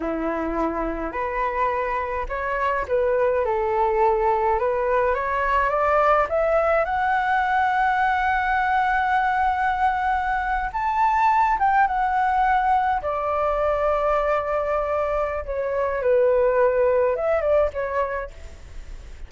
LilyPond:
\new Staff \with { instrumentName = "flute" } { \time 4/4 \tempo 4 = 105 e'2 b'2 | cis''4 b'4 a'2 | b'4 cis''4 d''4 e''4 | fis''1~ |
fis''2~ fis''8. a''4~ a''16~ | a''16 g''8 fis''2 d''4~ d''16~ | d''2. cis''4 | b'2 e''8 d''8 cis''4 | }